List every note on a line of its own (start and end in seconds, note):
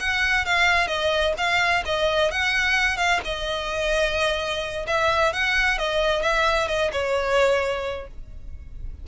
0.00 0.46 F#5
0.46 0.88 F5
0.88 1.34 D#5
1.38 1.84 F5
1.86 2.31 D#5
2.31 2.97 F#5
2.97 3.21 F5
3.25 4.87 D#5
4.87 5.33 E5
5.33 5.78 F#5
5.78 6.22 D#5
6.22 6.68 E5
6.68 6.91 D#5
6.93 8.08 C#5